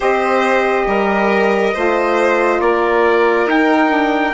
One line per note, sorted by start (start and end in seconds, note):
0.00 0.86 C4
0.00 1.73 G4
0.00 0.85 C5
0.00 2.61 D#5
0.86 1.73 G3
0.86 1.73 A#4
1.73 2.59 A3
1.73 3.47 F4
1.73 2.60 C5
2.59 3.46 A#3
2.59 4.34 A#4
2.59 3.47 D5
3.46 4.33 D#4
3.46 3.89 D#4
3.46 4.34 G5
3.89 4.32 D4